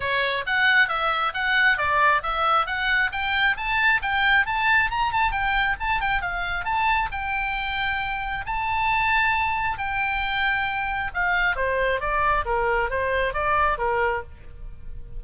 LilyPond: \new Staff \with { instrumentName = "oboe" } { \time 4/4 \tempo 4 = 135 cis''4 fis''4 e''4 fis''4 | d''4 e''4 fis''4 g''4 | a''4 g''4 a''4 ais''8 a''8 | g''4 a''8 g''8 f''4 a''4 |
g''2. a''4~ | a''2 g''2~ | g''4 f''4 c''4 d''4 | ais'4 c''4 d''4 ais'4 | }